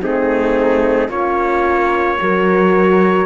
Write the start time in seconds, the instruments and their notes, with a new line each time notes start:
0.00 cello A3, horn C4, flute D#4, trumpet G#4
1.08 cello A#3, flute C#4, horn F4, trumpet C#5
2.19 cello F#3, horn F#4, flute A#4